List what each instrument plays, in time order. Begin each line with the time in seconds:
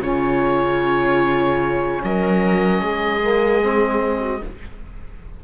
0.00 cello C#3, trombone C#4, viola F4, oboe C#5
2.04 cello F#3, viola A#4, oboe D#5
2.81 cello G#3, viola G#4
3.22 trombone A#3
3.61 trombone C4
4.20 viola F#4